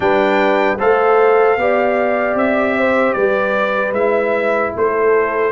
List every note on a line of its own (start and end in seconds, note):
0.00 0.77 G3
0.00 0.77 D4
0.00 0.79 B4
0.00 0.78 G5
0.79 1.57 A3
0.79 1.58 A4
0.79 1.58 C5
0.79 2.37 F5
1.57 2.34 B3
1.57 3.94 G4
1.57 2.78 D5
2.34 3.13 C4
2.34 3.13 E5
2.78 3.15 C5
3.13 3.92 G3
3.13 4.73 B4
3.13 3.92 D5
3.92 4.71 G#3
3.92 5.51 E4
3.92 4.73 E5
4.76 5.51 A3
4.76 5.51 A4
4.76 5.51 C5